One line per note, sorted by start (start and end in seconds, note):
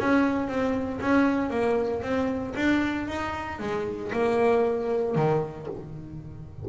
0.00 0.49 C#4
0.49 1.00 C4
1.01 1.51 C#4
1.51 2.02 A#3
2.03 2.54 C4
2.57 3.08 D4
3.08 3.60 D#4
3.60 4.12 G#3
4.13 5.16 A#3
5.16 5.68 D#3